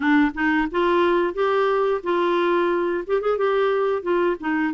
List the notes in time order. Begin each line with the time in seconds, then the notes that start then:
0.00 D4
0.34 D#4
0.71 F4
1.34 G4
2.03 F4
3.06 G4
3.21 G#4
3.37 G4
4.02 F4
4.40 D#4